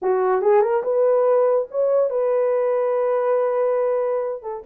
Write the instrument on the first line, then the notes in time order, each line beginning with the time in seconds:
horn
0.02 F#4
0.41 G#4
0.61 A#4
0.83 B4
1.71 C#5
2.10 B4
4.42 A4